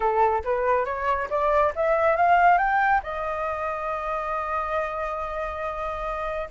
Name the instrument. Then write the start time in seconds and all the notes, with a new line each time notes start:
flute
0.00 A4
0.44 B4
0.85 C#5
1.29 D5
1.75 E5
2.16 F5
2.58 G5
3.03 D#5